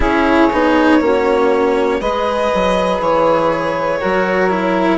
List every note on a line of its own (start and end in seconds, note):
0.00 0.48 C#4
0.00 0.50 E4
0.00 0.99 G#4
0.00 2.00 C#5
0.52 1.00 B3
0.52 1.00 D#4
1.00 2.00 A#3
1.00 2.00 C#4
1.00 2.00 F#4
2.00 2.50 G#3
2.00 4.01 G#4
2.00 3.99 B4
2.00 3.00 D#5
2.54 2.99 F#3
2.99 3.99 E3
2.99 4.98 C#5
3.99 4.98 F#3
3.99 4.49 F#4
3.99 4.98 A#4
4.49 4.98 E4